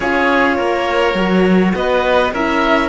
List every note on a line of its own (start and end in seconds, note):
0.00 0.58 C#4
0.00 1.15 F4
0.00 0.56 G#4
0.00 1.74 C#5
0.56 1.14 A#3
0.56 1.73 A#4
1.14 1.72 F#3
1.14 2.32 F#4
1.75 2.32 B3
1.75 2.33 B4
1.75 2.33 D#5
2.32 2.89 C#4
2.32 2.89 E4
2.32 2.89 A#4
2.32 2.89 E5